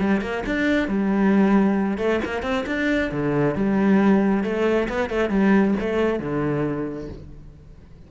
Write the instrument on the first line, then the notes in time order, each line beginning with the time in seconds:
cello
0.00 G3
0.21 A#3
0.46 D4
0.88 G3
1.98 A3
2.25 A#3
2.43 C4
2.66 D4
3.12 D3
3.55 G3
4.44 A3
4.89 B3
5.10 A3
5.30 G3
5.80 A3
6.20 D3